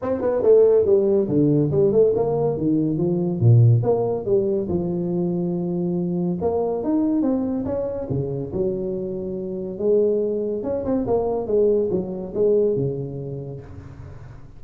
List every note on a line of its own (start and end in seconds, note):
0.02 0.21 C4
0.21 0.42 B3
0.43 0.85 A3
0.85 1.28 G3
1.28 1.70 D3
1.71 1.91 G3
1.91 2.13 A3
2.15 2.57 A#3
2.57 2.97 D#3
2.97 3.40 F3
3.40 3.82 A#2
3.82 4.25 A#3
4.25 4.68 G3
4.68 6.38 F3
6.41 6.83 A#3
6.83 7.22 D#4
7.22 7.64 C4
7.65 8.07 C#4
8.09 8.52 C#3
8.52 9.78 F#3
9.78 10.63 G#3
10.63 10.84 C#4
10.85 11.06 C4
11.06 11.47 A#3
11.47 11.89 G#3
11.91 12.33 F#3
12.34 12.75 G#3
12.75 13.61 C#3